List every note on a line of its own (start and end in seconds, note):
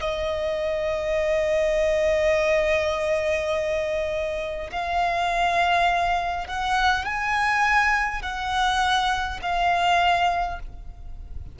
0.00 4.71 D#5
4.72 6.48 F5
6.48 7.05 F#5
7.05 8.22 G#5
8.22 9.40 F#5
9.42 10.59 F5